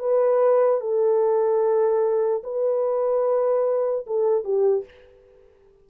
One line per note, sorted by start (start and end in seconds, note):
0.00 0.81 B4
0.81 2.43 A4
2.44 4.06 B4
4.07 4.44 A4
4.44 4.85 G4